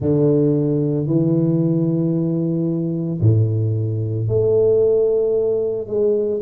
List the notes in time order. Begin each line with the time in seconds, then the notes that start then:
0.00 D3
1.06 E3
3.20 A2
4.28 A3
5.87 G#3